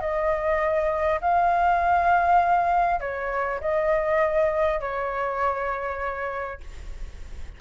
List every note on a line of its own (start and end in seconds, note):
0.00 1.20 D#5
1.21 3.00 F5
3.00 3.60 C#5
3.61 4.81 D#5
4.81 6.61 C#5